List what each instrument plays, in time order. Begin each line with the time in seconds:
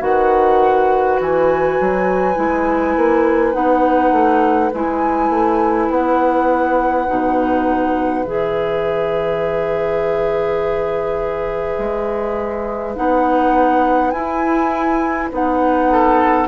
0.00 bassoon D#3, clarinet F#4, oboe B4, flute F#5
1.20 bassoon E3, flute G#5
1.81 bassoon F#3
2.36 bassoon G#3, clarinet E4
2.97 bassoon A#3
3.53 bassoon B3, clarinet D#4, flute F#5
4.12 bassoon A3
4.74 bassoon G#3, clarinet E4, flute G#5
5.30 bassoon A3
5.90 bassoon B3, flute F#5
7.07 bassoon B2, clarinet D#4
8.26 bassoon E3, clarinet G#4, flute E5
11.79 bassoon G#3
12.96 bassoon B3, clarinet D#4, flute F#5
14.11 bassoon E4, clarinet E4, flute G#5
15.32 bassoon B3, clarinet D#4, flute F#5
15.92 oboe A4